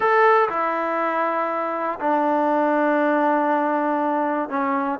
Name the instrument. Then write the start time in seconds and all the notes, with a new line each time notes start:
trombone
0.00 A4
0.49 E4
2.00 D4
4.49 C#4